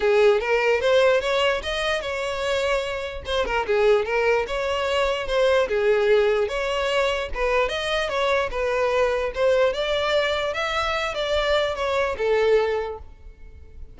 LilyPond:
\new Staff \with { instrumentName = "violin" } { \time 4/4 \tempo 4 = 148 gis'4 ais'4 c''4 cis''4 | dis''4 cis''2. | c''8 ais'8 gis'4 ais'4 cis''4~ | cis''4 c''4 gis'2 |
cis''2 b'4 dis''4 | cis''4 b'2 c''4 | d''2 e''4. d''8~ | d''4 cis''4 a'2 | }